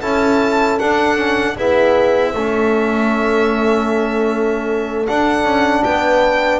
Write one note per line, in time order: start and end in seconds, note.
0.00 0.79 C#4
0.00 0.80 E4
0.00 1.55 A4
0.00 0.79 A5
0.79 1.57 D4
0.79 1.17 D4
0.79 1.57 F#5
1.17 1.56 C#4
1.55 2.35 B3
1.55 2.34 E4
1.55 2.33 G#4
1.55 5.06 E5
2.33 5.07 A3
2.33 5.07 C#4
2.33 5.84 A4
5.06 6.60 D4
5.06 5.44 D4
5.06 5.84 F#5
5.44 5.83 C#4
5.84 6.60 B3
5.84 6.60 B4
5.84 6.60 G5